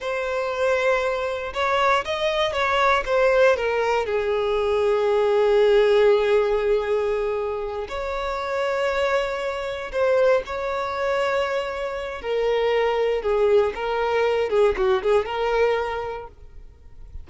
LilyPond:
\new Staff \with { instrumentName = "violin" } { \time 4/4 \tempo 4 = 118 c''2. cis''4 | dis''4 cis''4 c''4 ais'4 | gis'1~ | gis'2.~ gis'8 cis''8~ |
cis''2.~ cis''8 c''8~ | c''8 cis''2.~ cis''8 | ais'2 gis'4 ais'4~ | ais'8 gis'8 fis'8 gis'8 ais'2 | }